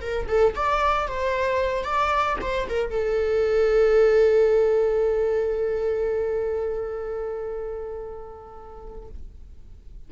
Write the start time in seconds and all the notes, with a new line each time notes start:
0.00 A#4
0.28 A4
0.55 D5
1.07 C5
1.83 D5
2.41 C5
2.69 A#4
2.90 A4